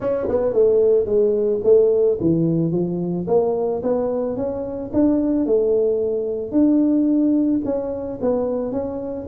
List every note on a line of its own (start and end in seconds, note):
0.00 0.28 C#4
0.28 0.53 B3
0.53 1.05 A3
1.05 1.60 G#3
1.63 2.18 A3
2.20 2.71 E3
2.71 3.26 F3
3.27 3.82 A#3
3.83 4.36 B3
4.36 4.91 C#4
4.93 5.46 D4
5.46 6.51 A3
6.51 7.60 D4
7.64 8.19 C#4
8.21 8.71 B3
8.71 9.26 C#4